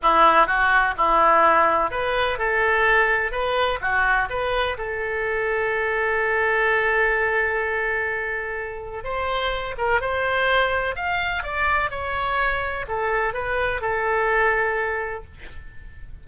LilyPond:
\new Staff \with { instrumentName = "oboe" } { \time 4/4 \tempo 4 = 126 e'4 fis'4 e'2 | b'4 a'2 b'4 | fis'4 b'4 a'2~ | a'1~ |
a'2. c''4~ | c''8 ais'8 c''2 f''4 | d''4 cis''2 a'4 | b'4 a'2. | }